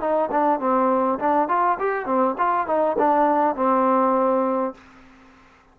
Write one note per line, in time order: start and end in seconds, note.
0.00 0.30 D#4
0.31 0.59 D4
0.59 1.19 C4
1.19 1.48 D4
1.48 1.78 F4
1.79 2.05 G4
2.05 2.35 C4
2.38 2.67 F4
2.67 2.96 D#4
2.98 3.55 D4
3.55 4.74 C4